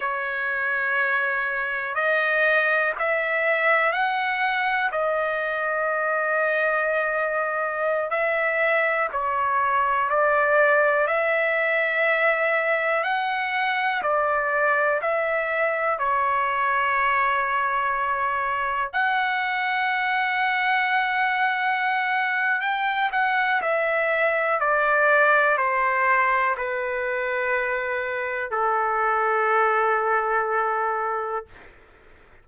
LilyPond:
\new Staff \with { instrumentName = "trumpet" } { \time 4/4 \tempo 4 = 61 cis''2 dis''4 e''4 | fis''4 dis''2.~ | dis''16 e''4 cis''4 d''4 e''8.~ | e''4~ e''16 fis''4 d''4 e''8.~ |
e''16 cis''2. fis''8.~ | fis''2. g''8 fis''8 | e''4 d''4 c''4 b'4~ | b'4 a'2. | }